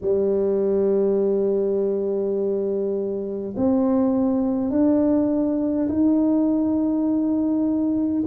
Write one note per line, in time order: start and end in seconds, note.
0.01 3.54 G3
3.56 4.70 C4
4.70 5.88 D4
5.88 8.24 D#4